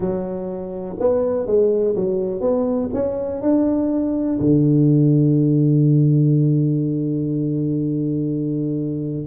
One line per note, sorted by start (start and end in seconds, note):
0.00 0.96 F#3
0.99 1.46 B3
1.46 1.95 G#3
1.95 2.40 F#3
2.40 2.89 B3
2.93 3.41 C#4
3.41 4.39 D4
4.40 9.27 D3